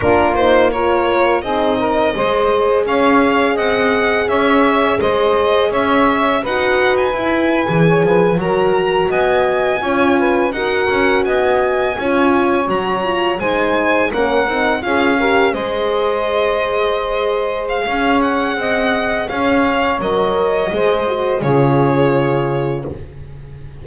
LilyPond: <<
  \new Staff \with { instrumentName = "violin" } { \time 4/4 \tempo 4 = 84 ais'8 c''8 cis''4 dis''2 | f''4 fis''4 e''4 dis''4 | e''4 fis''8. gis''2 ais''16~ | ais''8. gis''2 fis''4 gis''16~ |
gis''4.~ gis''16 ais''4 gis''4 fis''16~ | fis''8. f''4 dis''2~ dis''16~ | dis''8. f''8. fis''4. f''4 | dis''2 cis''2 | }
  \new Staff \with { instrumentName = "saxophone" } { \time 4/4 f'4 ais'4 gis'8 ais'8 c''4 | cis''4 dis''4 cis''4 c''4 | cis''4 b'2 cis''16 b'8 ais'16~ | ais'8. dis''4 cis''8 b'8 ais'4 dis''16~ |
dis''8. cis''2 c''4 ais'16~ | ais'8. gis'8 ais'8 c''2~ c''16~ | c''4 cis''4 dis''4 cis''4~ | cis''4 c''4 gis'2 | }
  \new Staff \with { instrumentName = "horn" } { \time 4/4 d'8 dis'8 f'4 dis'4 gis'4~ | gis'1~ | gis'4 fis'4 e'8. gis'4 fis'16~ | fis'4.~ fis'16 f'4 fis'4~ fis'16~ |
fis'8. f'4 fis'8 f'8 dis'4 cis'16~ | cis'16 dis'8 f'8 g'8 gis'2~ gis'16~ | gis'1 | ais'4 gis'8 fis'8 f'2 | }
  \new Staff \with { instrumentName = "double bass" } { \time 4/4 ais2 c'4 gis4 | cis'4 c'4 cis'4 gis4 | cis'4 dis'4 e'8. e8 f8 fis16~ | fis8. b4 cis'4 dis'8 cis'8 b16~ |
b8. cis'4 fis4 gis4 ais16~ | ais16 c'8 cis'4 gis2~ gis16~ | gis4 cis'4 c'4 cis'4 | fis4 gis4 cis2 | }
>>